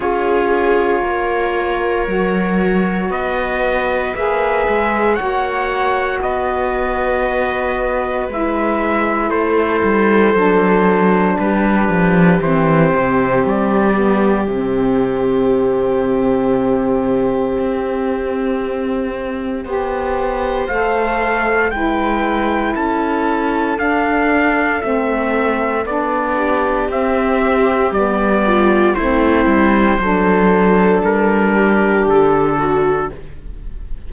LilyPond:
<<
  \new Staff \with { instrumentName = "trumpet" } { \time 4/4 \tempo 4 = 58 cis''2. dis''4 | e''4 fis''4 dis''2 | e''4 c''2 b'4 | c''4 d''4 e''2~ |
e''1 | f''4 g''4 a''4 f''4 | e''4 d''4 e''4 d''4 | c''2 ais'4 a'4 | }
  \new Staff \with { instrumentName = "viola" } { \time 4/4 gis'4 ais'2 b'4~ | b'4 cis''4 b'2~ | b'4 a'2 g'4~ | g'1~ |
g'2. c''4~ | c''4 b'4 a'2~ | a'4. g'2 f'8 | e'4 a'4. g'4 fis'8 | }
  \new Staff \with { instrumentName = "saxophone" } { \time 4/4 f'2 fis'2 | gis'4 fis'2. | e'2 d'2 | c'4. b8 c'2~ |
c'2. g'4 | a'4 e'2 d'4 | c'4 d'4 c'4 b4 | c'4 d'2. | }
  \new Staff \with { instrumentName = "cello" } { \time 4/4 cis'4 ais4 fis4 b4 | ais8 gis8 ais4 b2 | gis4 a8 g8 fis4 g8 f8 | e8 c8 g4 c2~ |
c4 c'2 b4 | a4 gis4 cis'4 d'4 | a4 b4 c'4 g4 | a8 g8 fis4 g4 d4 | }
>>